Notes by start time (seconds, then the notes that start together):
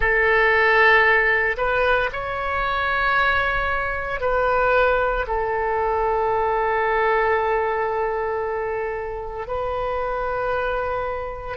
0.00 A4
1.57 B4
2.12 C#5
4.20 B4
5.27 A4
9.47 B4